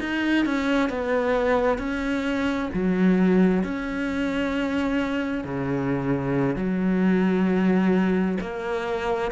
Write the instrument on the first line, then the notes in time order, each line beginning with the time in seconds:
cello
0.00 D#4
0.46 C#4
0.90 B3
1.79 C#4
2.74 F#3
3.64 C#4
5.44 C#3
6.56 F#3
8.41 A#3